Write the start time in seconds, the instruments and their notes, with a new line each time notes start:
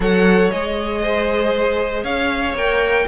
0.00 cello F#3, viola A4, violin C#5 F#5
0.50 cello G#3, viola G#4, violin D#5
1.01 violin C5
2.03 cello C#4, violin C#5 F5
2.54 cello A#3, viola A#4, violin G5